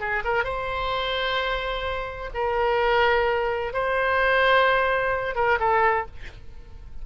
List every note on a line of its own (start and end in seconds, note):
0.00 0.23 G#4
0.24 0.44 A#4
0.44 2.30 C5
2.34 3.73 A#4
3.73 5.36 C5
5.36 5.59 A#4
5.60 6.06 A4